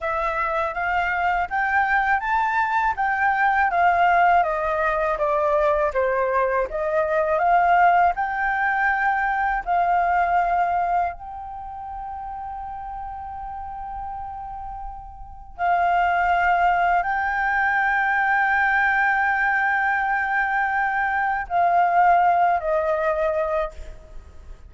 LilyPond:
\new Staff \with { instrumentName = "flute" } { \time 4/4 \tempo 4 = 81 e''4 f''4 g''4 a''4 | g''4 f''4 dis''4 d''4 | c''4 dis''4 f''4 g''4~ | g''4 f''2 g''4~ |
g''1~ | g''4 f''2 g''4~ | g''1~ | g''4 f''4. dis''4. | }